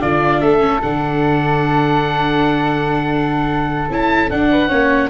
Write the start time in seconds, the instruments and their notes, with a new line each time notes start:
0.00 tuba D3, viola D4, flute F4, oboe D5
0.41 tuba A3, flute A4, oboe E5
0.60 viola C#4
0.83 tuba D3, viola D4, oboe F#5
3.90 tuba C#4, viola E4, oboe A5
4.31 tuba D4, viola D4, oboe F#5
4.51 flute B4
4.69 tuba A#3, viola C#4, flute C#5